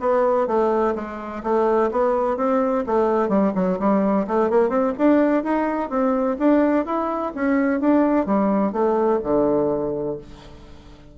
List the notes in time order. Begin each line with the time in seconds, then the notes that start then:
0.00 B3
0.47 A3
0.95 G#3
1.43 A3
1.91 B3
2.37 C4
2.86 A3
3.29 G3
3.55 F#3
3.79 G3
4.27 A3
4.50 A#3
4.69 C4
4.98 D4
5.44 D#4
5.89 C4
6.39 D4
6.85 E4
7.35 C#4
7.80 D4
8.26 G3
8.72 A3
9.24 D3